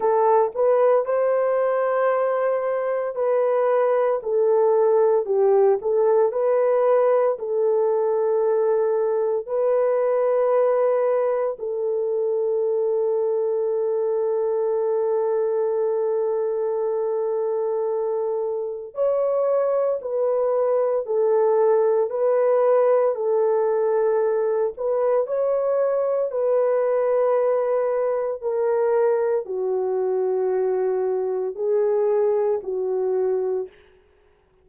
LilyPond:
\new Staff \with { instrumentName = "horn" } { \time 4/4 \tempo 4 = 57 a'8 b'8 c''2 b'4 | a'4 g'8 a'8 b'4 a'4~ | a'4 b'2 a'4~ | a'1~ |
a'2 cis''4 b'4 | a'4 b'4 a'4. b'8 | cis''4 b'2 ais'4 | fis'2 gis'4 fis'4 | }